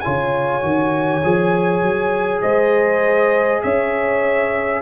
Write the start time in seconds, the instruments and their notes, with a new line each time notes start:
0.00 trombone F4, horn C#5, trumpet G#5
0.06 tuba C#3
0.61 tuba D#3, trombone F#4
1.24 tuba F3, trombone G#4
1.82 tuba F#3
2.42 tuba G#3, horn C5, trumpet D#5
3.62 tuba C#4, horn C#5, trumpet E5